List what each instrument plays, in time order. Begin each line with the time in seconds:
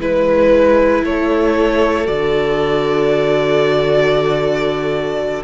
0.00 cello G#3, viola E4, violin B4
1.04 cello A3, violin A4 C#5
2.05 cello D3, viola F#4, violin D5